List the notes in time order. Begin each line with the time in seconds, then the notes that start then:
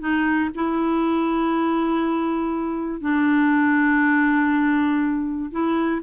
0.00 D#4
0.55 E4
3.01 D4
5.51 E4